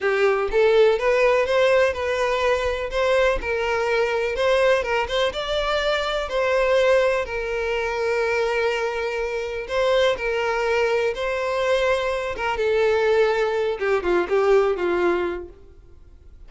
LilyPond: \new Staff \with { instrumentName = "violin" } { \time 4/4 \tempo 4 = 124 g'4 a'4 b'4 c''4 | b'2 c''4 ais'4~ | ais'4 c''4 ais'8 c''8 d''4~ | d''4 c''2 ais'4~ |
ais'1 | c''4 ais'2 c''4~ | c''4. ais'8 a'2~ | a'8 g'8 f'8 g'4 f'4. | }